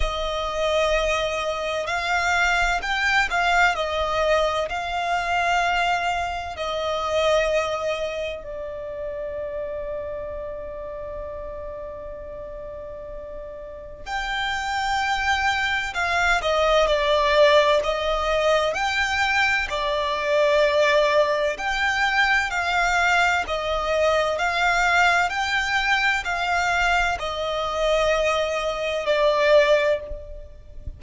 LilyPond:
\new Staff \with { instrumentName = "violin" } { \time 4/4 \tempo 4 = 64 dis''2 f''4 g''8 f''8 | dis''4 f''2 dis''4~ | dis''4 d''2.~ | d''2. g''4~ |
g''4 f''8 dis''8 d''4 dis''4 | g''4 d''2 g''4 | f''4 dis''4 f''4 g''4 | f''4 dis''2 d''4 | }